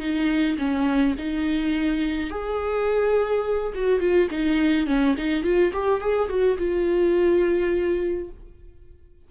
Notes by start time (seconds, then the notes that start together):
0.00 D#4
0.58 C#4
1.18 D#4
2.30 G#4
3.75 F#4
4.00 F4
4.31 D#4
4.87 C#4
5.18 D#4
5.43 F4
5.73 G4
6.01 G#4
6.29 F#4
6.58 F4